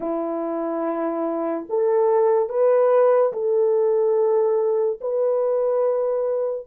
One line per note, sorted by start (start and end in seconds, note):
0.00 1.66 E4
1.69 2.48 A4
2.48 3.32 B4
3.33 4.99 A4
5.00 6.66 B4